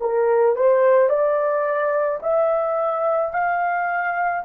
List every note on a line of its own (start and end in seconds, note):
0.00 0.55 A#4
0.55 1.09 C5
1.09 2.20 D5
2.22 3.33 E5
3.33 4.44 F5